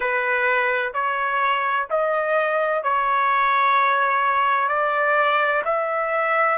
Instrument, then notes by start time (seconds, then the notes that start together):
trumpet
0.00 B4
0.93 C#5
1.90 D#5
2.83 C#5
4.68 D5
5.65 E5